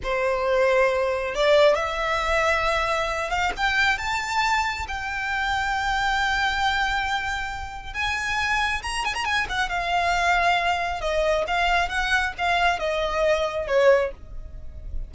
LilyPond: \new Staff \with { instrumentName = "violin" } { \time 4/4 \tempo 4 = 136 c''2. d''4 | e''2.~ e''8 f''8 | g''4 a''2 g''4~ | g''1~ |
g''2 gis''2 | ais''8 gis''16 ais''16 gis''8 fis''8 f''2~ | f''4 dis''4 f''4 fis''4 | f''4 dis''2 cis''4 | }